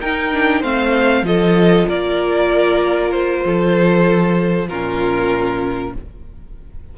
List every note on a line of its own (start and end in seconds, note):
0.00 0.32 D#4
0.00 0.63 D#4
0.00 0.60 A#4
0.00 0.62 G5
0.32 0.63 D4
0.60 1.22 A3
0.60 1.23 C4
0.60 1.22 C5
0.60 1.25 F5
1.22 1.85 F3
1.22 4.67 F4
1.22 1.87 A4
1.22 1.88 D#5
1.87 3.44 A#3
1.87 3.44 A#4
1.87 3.11 D5
3.11 4.67 C5
3.44 4.69 F3
3.44 4.68 A4
4.68 5.94 A#2
4.68 5.97 C#4
4.68 5.93 F4
4.68 5.93 A#4